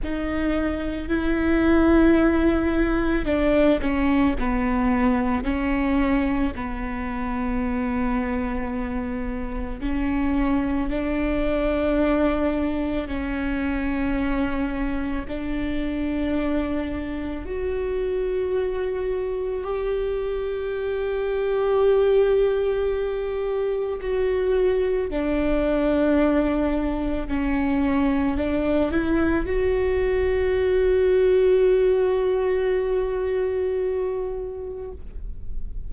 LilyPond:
\new Staff \with { instrumentName = "viola" } { \time 4/4 \tempo 4 = 55 dis'4 e'2 d'8 cis'8 | b4 cis'4 b2~ | b4 cis'4 d'2 | cis'2 d'2 |
fis'2 g'2~ | g'2 fis'4 d'4~ | d'4 cis'4 d'8 e'8 fis'4~ | fis'1 | }